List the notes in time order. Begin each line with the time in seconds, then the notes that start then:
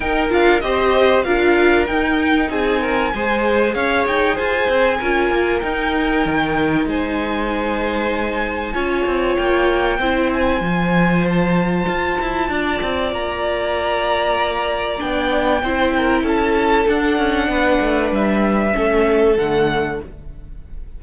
0.00 D#4 A#4 G5
0.29 D4 F4 F5
0.60 C4 G4 C5 D#5
1.23 D4 F4 A#4 F5
1.86 D#4 G5
2.50 C4 G#4 G#5
2.81 A#4
3.14 G#3 G#4 C5
3.74 C#4 C#5 F5
4.07 D#4 G5
4.34 F4 C5 G#5
4.68 C4
4.98 C#4 F4 A#4
5.30 A#3
5.60 D#4 G5
6.25 D#3
6.86 G#3 C5 G#5
8.73 C#4 F4 C#5
9.06 C4
9.36 A#3 G5
9.99 C4 E4 C5
10.33 G#5
10.60 F3 F4
11.28 A5
11.88 F4
12.20 E4
12.49 D4 D5
12.82 C4
13.12 A#3 A#5
14.97 B3 D4 G5
15.62 C4 E4 C5
15.96 A#4
16.22 C#4 A4 A5
16.87 D4 F#5
17.18 C#4
17.48 B3 B4
17.80 A3
18.11 G3 E5
18.72 A3 C#4 A4
19.37 D3 A3 F#5